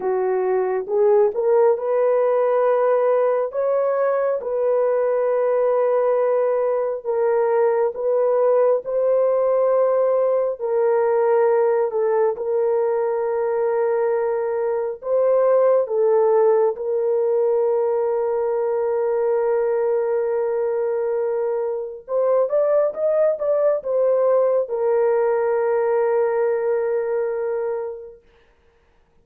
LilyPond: \new Staff \with { instrumentName = "horn" } { \time 4/4 \tempo 4 = 68 fis'4 gis'8 ais'8 b'2 | cis''4 b'2. | ais'4 b'4 c''2 | ais'4. a'8 ais'2~ |
ais'4 c''4 a'4 ais'4~ | ais'1~ | ais'4 c''8 d''8 dis''8 d''8 c''4 | ais'1 | }